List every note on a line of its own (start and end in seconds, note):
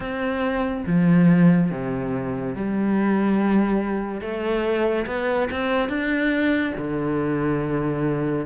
0.00 0.83 C4
0.86 1.71 F3
1.71 2.55 C3
2.55 4.21 G3
4.21 5.05 A3
5.06 5.48 B3
5.50 5.88 C4
5.88 6.73 D4
6.77 8.46 D3